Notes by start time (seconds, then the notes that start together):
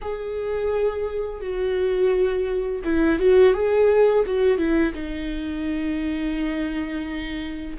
0.01 G#4
1.41 F#4
2.84 E4
3.19 F#4
3.53 G#4
4.26 F#4
4.57 E4
4.94 D#4